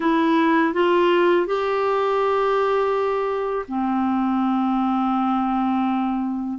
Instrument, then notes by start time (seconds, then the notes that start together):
clarinet
0.00 E4
0.73 F4
1.46 G4
3.68 C4